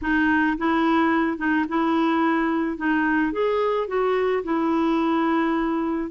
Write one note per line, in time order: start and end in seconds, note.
0.01 0.57 D#4
0.57 1.37 E4
1.37 1.65 D#4
1.68 2.77 E4
2.77 3.32 D#4
3.32 3.87 G#4
3.87 4.43 F#4
4.43 6.10 E4